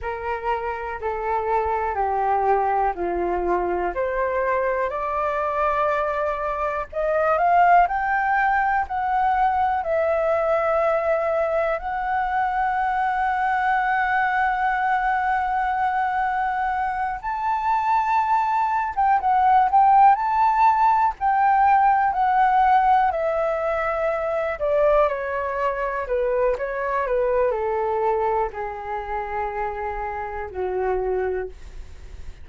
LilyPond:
\new Staff \with { instrumentName = "flute" } { \time 4/4 \tempo 4 = 61 ais'4 a'4 g'4 f'4 | c''4 d''2 dis''8 f''8 | g''4 fis''4 e''2 | fis''1~ |
fis''4. a''4.~ a''16 g''16 fis''8 | g''8 a''4 g''4 fis''4 e''8~ | e''4 d''8 cis''4 b'8 cis''8 b'8 | a'4 gis'2 fis'4 | }